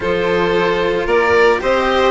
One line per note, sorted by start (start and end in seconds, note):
0.00 1.06 F3
0.00 1.60 F4
0.00 1.06 A4
0.00 1.07 C5
1.06 1.60 A#3
1.06 1.59 A#4
1.06 1.61 D5
1.60 2.11 C4
1.60 2.11 G4
1.60 2.11 C5
1.60 2.11 D#5